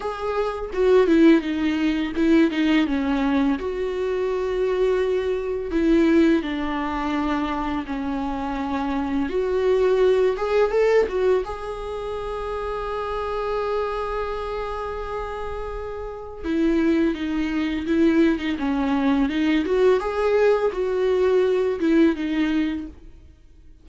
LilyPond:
\new Staff \with { instrumentName = "viola" } { \time 4/4 \tempo 4 = 84 gis'4 fis'8 e'8 dis'4 e'8 dis'8 | cis'4 fis'2. | e'4 d'2 cis'4~ | cis'4 fis'4. gis'8 a'8 fis'8 |
gis'1~ | gis'2. e'4 | dis'4 e'8. dis'16 cis'4 dis'8 fis'8 | gis'4 fis'4. e'8 dis'4 | }